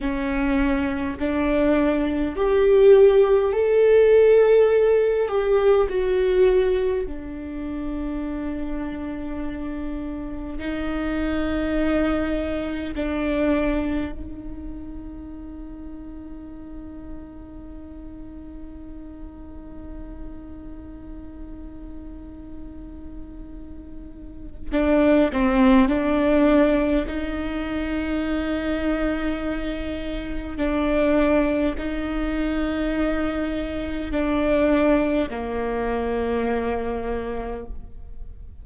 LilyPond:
\new Staff \with { instrumentName = "viola" } { \time 4/4 \tempo 4 = 51 cis'4 d'4 g'4 a'4~ | a'8 g'8 fis'4 d'2~ | d'4 dis'2 d'4 | dis'1~ |
dis'1~ | dis'4 d'8 c'8 d'4 dis'4~ | dis'2 d'4 dis'4~ | dis'4 d'4 ais2 | }